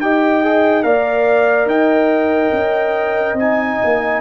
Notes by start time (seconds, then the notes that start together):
0.00 D#4 G4 D#5 G5
0.43 G#4
0.82 A#3 A#4 D5 F5
1.65 D#4 D#5 G5
2.52 C#4
3.33 C4 G#5
3.40 D#4
3.84 A#3